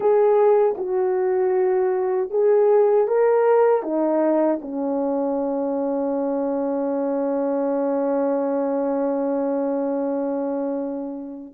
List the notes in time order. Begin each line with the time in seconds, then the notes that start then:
0.00 G#4
0.77 F#4
2.30 G#4
3.07 A#4
3.82 D#4
4.61 C#4